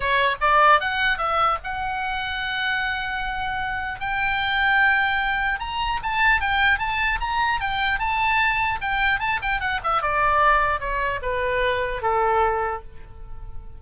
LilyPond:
\new Staff \with { instrumentName = "oboe" } { \time 4/4 \tempo 4 = 150 cis''4 d''4 fis''4 e''4 | fis''1~ | fis''2 g''2~ | g''2 ais''4 a''4 |
g''4 a''4 ais''4 g''4 | a''2 g''4 a''8 g''8 | fis''8 e''8 d''2 cis''4 | b'2 a'2 | }